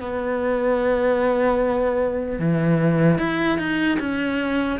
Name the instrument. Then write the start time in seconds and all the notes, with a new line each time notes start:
cello
0.00 B3
2.39 E3
3.18 E4
3.58 D#4
3.99 C#4